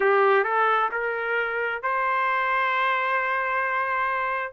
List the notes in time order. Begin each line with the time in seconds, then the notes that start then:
0.00 G4
0.44 A4
0.91 A#4
1.82 C5